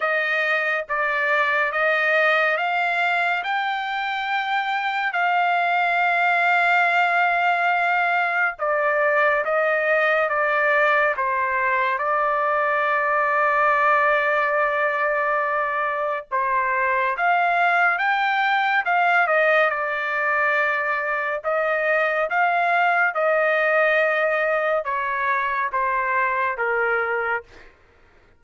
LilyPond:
\new Staff \with { instrumentName = "trumpet" } { \time 4/4 \tempo 4 = 70 dis''4 d''4 dis''4 f''4 | g''2 f''2~ | f''2 d''4 dis''4 | d''4 c''4 d''2~ |
d''2. c''4 | f''4 g''4 f''8 dis''8 d''4~ | d''4 dis''4 f''4 dis''4~ | dis''4 cis''4 c''4 ais'4 | }